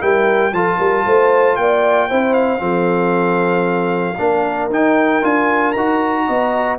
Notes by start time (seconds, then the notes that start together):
0.00 G3 E4 A#4 G5
0.52 F3 F4 A4 A5
0.78 G3 A#4
1.06 A3 C5
1.56 A#3 D5 G5
2.09 C4 E4 C5
2.34 F5
2.58 F3 C4 A4
4.18 A#3 D4 A#4
4.69 D#4 G5
5.22 D4 F4 G#5
5.72 D#4 F#4 A#5
6.26 B3 D#5